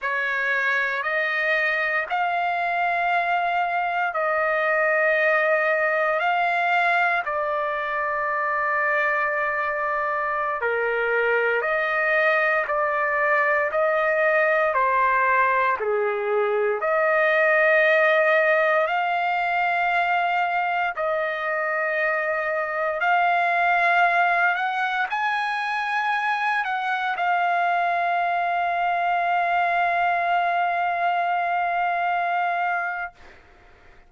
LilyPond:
\new Staff \with { instrumentName = "trumpet" } { \time 4/4 \tempo 4 = 58 cis''4 dis''4 f''2 | dis''2 f''4 d''4~ | d''2~ d''16 ais'4 dis''8.~ | dis''16 d''4 dis''4 c''4 gis'8.~ |
gis'16 dis''2 f''4.~ f''16~ | f''16 dis''2 f''4. fis''16~ | fis''16 gis''4. fis''8 f''4.~ f''16~ | f''1 | }